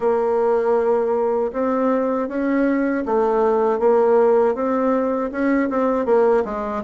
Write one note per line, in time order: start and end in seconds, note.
0.00 1.51 A#3
1.53 2.28 C4
2.28 3.04 C#4
3.05 3.79 A3
3.79 4.54 A#3
4.54 5.30 C4
5.31 5.69 C#4
5.69 6.06 C4
6.06 6.43 A#3
6.44 6.82 G#3